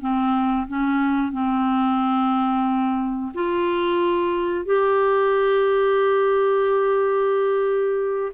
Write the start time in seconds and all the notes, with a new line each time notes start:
0.00 C4
0.68 C#4
1.32 C4
3.34 F4
4.65 G4